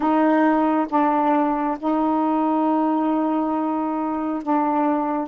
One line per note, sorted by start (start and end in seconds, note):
0.00 0.86 D#4
0.89 1.77 D4
1.78 4.42 D#4
4.42 5.27 D4